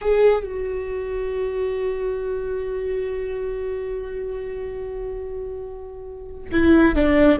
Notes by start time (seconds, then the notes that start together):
0.01 G#4
0.43 F#4
6.51 E4
6.95 D4